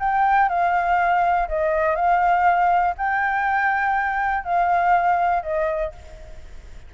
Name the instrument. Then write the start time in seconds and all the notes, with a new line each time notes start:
flute
0.00 G5
0.49 F5
1.49 D#5
1.96 F5
2.98 G5
4.44 F5
5.43 D#5